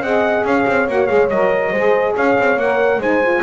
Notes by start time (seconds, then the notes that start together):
0.00 C4 G#4 D#5 F#5
0.43 C#4 C#5 F5
0.66 C4
0.87 A#3 F#4 F#5
1.06 G#3 G#4 F5
1.29 F#3 A#4 D#5
1.70 G#3 G#4 C5
2.15 C#4 C#5 F5
2.38 C4
2.56 A#3 A#4 F#5
2.97 G#3 D#4 C5 G#5
3.22 F4